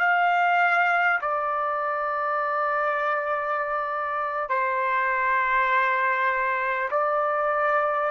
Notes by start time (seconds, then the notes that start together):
0.00 F5
1.22 D5
4.49 C5
6.91 D5